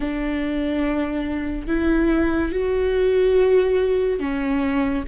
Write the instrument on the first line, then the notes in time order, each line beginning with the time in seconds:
viola
0.00 D4
1.67 E4
2.52 F#4
4.19 C#4